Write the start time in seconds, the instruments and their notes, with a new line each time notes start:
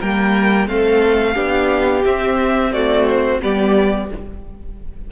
0.00 cello G3, viola A#3, violin A#4 G5
0.68 cello A3, viola C4, violin A4 F5
1.35 cello B3, viola D4, violin G4
2.05 cello C4, viola C4, violin E5
2.73 viola A3, violin F#4 D5
3.07 violin C5
3.41 cello G3, viola B3, violin G4 D5